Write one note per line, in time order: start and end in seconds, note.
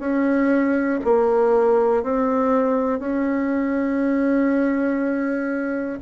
0.00 1.00 C#4
1.05 2.03 A#3
2.03 3.00 C4
3.00 6.00 C#4